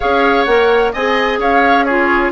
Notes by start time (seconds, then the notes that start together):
0.00 C#4 G#4 C#5 F5
0.44 A#3 A#4 F#5
0.92 C4 G#4 D#5 G#5
1.39 C#4 C#5 F5
1.84 F4 G#4 C#5